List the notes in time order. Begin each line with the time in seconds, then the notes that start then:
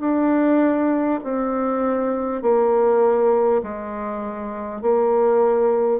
0.00 D4
1.24 C4
2.42 A#3
3.63 G#3
4.82 A#3